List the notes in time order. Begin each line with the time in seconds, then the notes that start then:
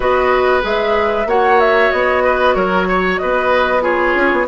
0.00 B3 F#4 B4 D#5
0.61 G#3 G#4 E5
1.25 A#3 F#4 C#5 F#5
1.59 E5
1.91 B3 D#5
2.23 B4
2.54 F#3 A#4 C#5
2.88 C#5
3.18 B3 B4 D#5
3.81 F4 G#4 C#5
4.15 C#4
4.31 B3